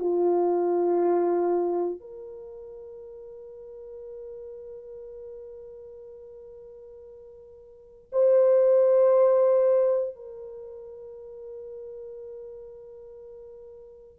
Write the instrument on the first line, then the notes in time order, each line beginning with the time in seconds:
horn
0.00 F4
2.01 A#4
8.13 C5
10.16 A#4